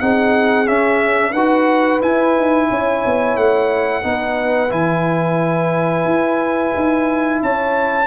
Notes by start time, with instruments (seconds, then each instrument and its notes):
0.00 tuba C4, trombone D#4, horn G#4, trumpet F#5
0.66 trombone C#4, tuba C#4, trumpet E5
1.31 tuba D#4, trombone F#4, horn B4, trumpet F#5
2.01 trombone E4, tuba E4, trumpet G#5
2.36 tuba D#4
2.69 tuba C#4, horn C#5
3.05 tuba B3
3.36 tuba A3, trumpet F#5
4.03 tuba B3, trombone D#4, horn B4
4.69 tuba E3, trombone E4, trumpet G#5
6.05 tuba E4
6.75 tuba D#4
7.42 tuba C#4, horn C#5, trumpet A5